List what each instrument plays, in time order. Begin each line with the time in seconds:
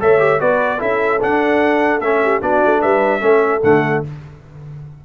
0.00 tuba A3, trombone A4, horn C#5, trumpet E5
0.19 trombone G4
0.39 tuba B3, trombone F#4, horn B4, trumpet D5
0.79 tuba C#4, trombone E4, horn A4, trumpet E5
1.21 trombone D4, tuba D4, trumpet F#5
2.00 tuba A3, trombone C#4, trumpet E5
2.23 horn G4
2.41 tuba B3, trombone D4, horn F#4, trumpet D5
2.65 tuba A3
2.81 tuba G3, horn B4, trumpet E5
3.20 tuba A3, trombone C#4, horn A4
3.63 tuba D3, trombone A3, trumpet F#5